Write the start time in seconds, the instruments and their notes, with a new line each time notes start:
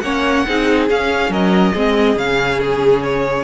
0.00 cello A#3, viola C#4, violin C#5 F#5
0.47 cello C4, viola D#4, violin G#4
0.89 viola C#4, cello C#4, violin F5
1.29 cello F#3, violin A#4 D#5
1.73 cello G#3, viola C4, violin G#4
2.16 cello C#3, viola C#4, violin F5
2.60 violin G#4
3.03 violin C#5